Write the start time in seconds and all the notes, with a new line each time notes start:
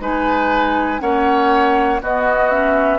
0.00 G#3 D#4 B4 G#5
0.99 A#3 C#4 C#5 F#5
2.01 B3 F#4 D#5
2.50 C#4 E5